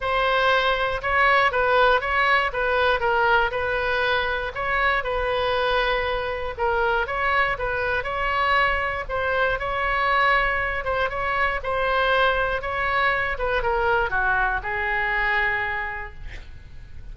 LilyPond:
\new Staff \with { instrumentName = "oboe" } { \time 4/4 \tempo 4 = 119 c''2 cis''4 b'4 | cis''4 b'4 ais'4 b'4~ | b'4 cis''4 b'2~ | b'4 ais'4 cis''4 b'4 |
cis''2 c''4 cis''4~ | cis''4. c''8 cis''4 c''4~ | c''4 cis''4. b'8 ais'4 | fis'4 gis'2. | }